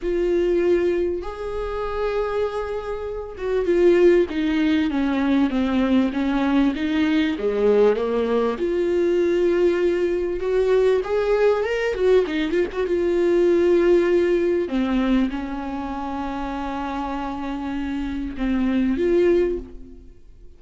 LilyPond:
\new Staff \with { instrumentName = "viola" } { \time 4/4 \tempo 4 = 98 f'2 gis'2~ | gis'4. fis'8 f'4 dis'4 | cis'4 c'4 cis'4 dis'4 | gis4 ais4 f'2~ |
f'4 fis'4 gis'4 ais'8 fis'8 | dis'8 f'16 fis'16 f'2. | c'4 cis'2.~ | cis'2 c'4 f'4 | }